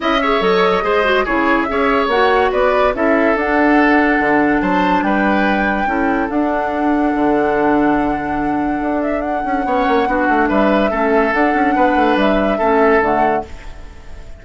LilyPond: <<
  \new Staff \with { instrumentName = "flute" } { \time 4/4 \tempo 4 = 143 e''4 dis''2 cis''4 | e''4 fis''4 d''4 e''4 | fis''2. a''4 | g''2. fis''4~ |
fis''1~ | fis''4. e''8 fis''2~ | fis''4 e''2 fis''4~ | fis''4 e''2 fis''4 | }
  \new Staff \with { instrumentName = "oboe" } { \time 4/4 dis''8 cis''4. c''4 gis'4 | cis''2 b'4 a'4~ | a'2. c''4 | b'2 a'2~ |
a'1~ | a'2. cis''4 | fis'4 b'4 a'2 | b'2 a'2 | }
  \new Staff \with { instrumentName = "clarinet" } { \time 4/4 e'8 gis'8 a'4 gis'8 fis'8 e'4 | gis'4 fis'2 e'4 | d'1~ | d'2 e'4 d'4~ |
d'1~ | d'2. cis'4 | d'2 cis'4 d'4~ | d'2 cis'4 a4 | }
  \new Staff \with { instrumentName = "bassoon" } { \time 4/4 cis'4 fis4 gis4 cis4 | cis'4 ais4 b4 cis'4 | d'2 d4 fis4 | g2 cis'4 d'4~ |
d'4 d2.~ | d4 d'4. cis'8 b8 ais8 | b8 a8 g4 a4 d'8 cis'8 | b8 a8 g4 a4 d4 | }
>>